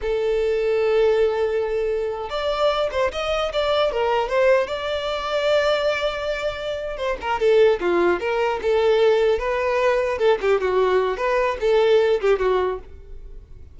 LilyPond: \new Staff \with { instrumentName = "violin" } { \time 4/4 \tempo 4 = 150 a'1~ | a'4.~ a'16 d''4. c''8 dis''16~ | dis''8. d''4 ais'4 c''4 d''16~ | d''1~ |
d''4. c''8 ais'8 a'4 f'8~ | f'8 ais'4 a'2 b'8~ | b'4. a'8 g'8 fis'4. | b'4 a'4. g'8 fis'4 | }